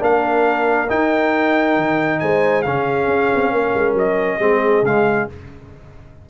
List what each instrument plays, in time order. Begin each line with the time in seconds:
0.00 tuba A#3, trombone D4, horn A#4, trumpet F5
0.90 trombone D#4, tuba D#4, trumpet G5
1.77 tuba D#3
2.20 tuba G#3, horn C5, trumpet G#5
2.63 tuba C#3, trombone C#4, horn G#4, trumpet F5
3.08 tuba C#4
3.35 tuba C4
3.52 tuba A#3, horn A#4
3.75 tuba G#3
3.94 tuba F#3, trumpet D#5
4.39 tuba G#3, trombone C4, horn G#4
4.82 tuba C#3, trombone G#3, trumpet F5